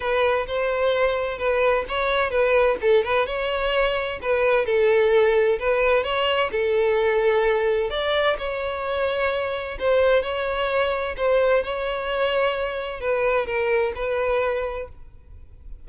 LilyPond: \new Staff \with { instrumentName = "violin" } { \time 4/4 \tempo 4 = 129 b'4 c''2 b'4 | cis''4 b'4 a'8 b'8 cis''4~ | cis''4 b'4 a'2 | b'4 cis''4 a'2~ |
a'4 d''4 cis''2~ | cis''4 c''4 cis''2 | c''4 cis''2. | b'4 ais'4 b'2 | }